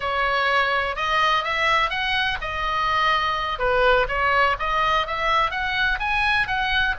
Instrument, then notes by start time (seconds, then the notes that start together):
oboe
0.00 C#5
0.96 D#5
1.44 E5
1.89 F#5
2.41 D#5
3.58 B4
4.08 C#5
4.59 D#5
5.06 E5
5.50 F#5
5.99 G#5
6.47 F#5